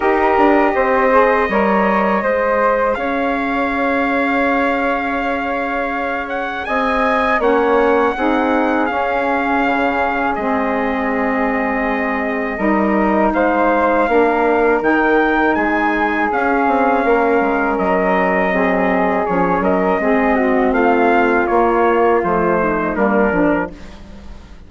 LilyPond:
<<
  \new Staff \with { instrumentName = "trumpet" } { \time 4/4 \tempo 4 = 81 dis''1 | f''1~ | f''8 fis''8 gis''4 fis''2 | f''2 dis''2~ |
dis''2 f''2 | g''4 gis''4 f''2 | dis''2 cis''8 dis''4. | f''4 cis''4 c''4 ais'4 | }
  \new Staff \with { instrumentName = "flute" } { \time 4/4 ais'4 c''4 cis''4 c''4 | cis''1~ | cis''4 dis''4 cis''4 gis'4~ | gis'1~ |
gis'4 ais'4 c''4 ais'4~ | ais'4 gis'2 ais'4~ | ais'4 gis'4. ais'8 gis'8 fis'8 | f'2~ f'8 dis'8 d'4 | }
  \new Staff \with { instrumentName = "saxophone" } { \time 4/4 g'4. gis'8 ais'4 gis'4~ | gis'1~ | gis'2 cis'4 dis'4 | cis'2 c'2~ |
c'4 dis'2 d'4 | dis'2 cis'2~ | cis'4 c'4 cis'4 c'4~ | c'4 ais4 a4 ais8 d'8 | }
  \new Staff \with { instrumentName = "bassoon" } { \time 4/4 dis'8 d'8 c'4 g4 gis4 | cis'1~ | cis'4 c'4 ais4 c'4 | cis'4 cis4 gis2~ |
gis4 g4 gis4 ais4 | dis4 gis4 cis'8 c'8 ais8 gis8 | fis2 f8 fis8 gis4 | a4 ais4 f4 g8 f8 | }
>>